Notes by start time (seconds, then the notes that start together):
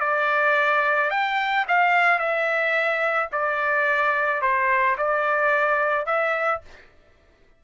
0.00 D5
1.10 G5
1.68 F5
2.19 E5
3.32 D5
4.41 C5
4.97 D5
6.06 E5